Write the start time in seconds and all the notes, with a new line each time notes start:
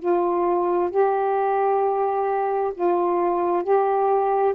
0.00 F4
0.91 G4
2.74 F4
3.64 G4